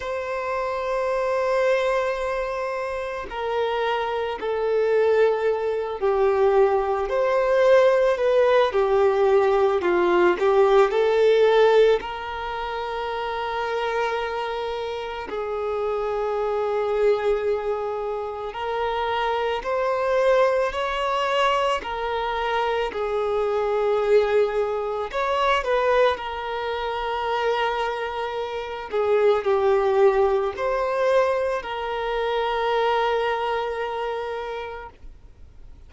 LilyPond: \new Staff \with { instrumentName = "violin" } { \time 4/4 \tempo 4 = 55 c''2. ais'4 | a'4. g'4 c''4 b'8 | g'4 f'8 g'8 a'4 ais'4~ | ais'2 gis'2~ |
gis'4 ais'4 c''4 cis''4 | ais'4 gis'2 cis''8 b'8 | ais'2~ ais'8 gis'8 g'4 | c''4 ais'2. | }